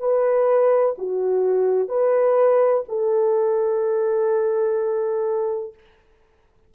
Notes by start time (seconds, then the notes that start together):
0.00 B4
0.98 F#4
1.89 B4
2.89 A4